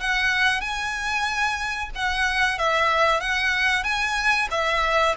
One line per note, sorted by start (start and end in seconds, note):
0.00 0.61 F#5
0.61 1.90 G#5
1.95 2.58 F#5
2.58 3.20 E5
3.20 3.83 F#5
3.83 4.48 G#5
4.50 5.15 E5